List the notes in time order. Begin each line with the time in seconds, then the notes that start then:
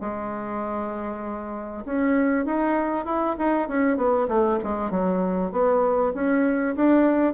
0.00 G#3
1.85 C#4
2.45 D#4
3.05 E4
3.38 D#4
3.68 C#4
3.97 B3
4.28 A3
4.63 G#3
4.90 F#3
5.51 B3
6.14 C#4
6.75 D4